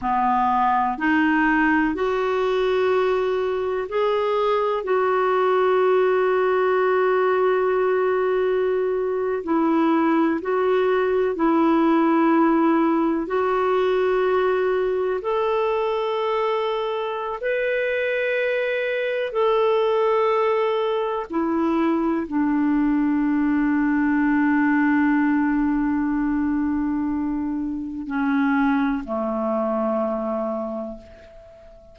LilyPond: \new Staff \with { instrumentName = "clarinet" } { \time 4/4 \tempo 4 = 62 b4 dis'4 fis'2 | gis'4 fis'2.~ | fis'4.~ fis'16 e'4 fis'4 e'16~ | e'4.~ e'16 fis'2 a'16~ |
a'2 b'2 | a'2 e'4 d'4~ | d'1~ | d'4 cis'4 a2 | }